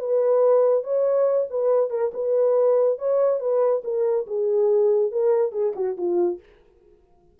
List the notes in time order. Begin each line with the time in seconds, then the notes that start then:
0.00 B4
0.84 C#5
1.50 B4
1.91 A#4
2.14 B4
2.99 C#5
3.40 B4
3.84 A#4
4.27 G#4
5.12 A#4
5.52 G#4
5.76 F#4
5.98 F4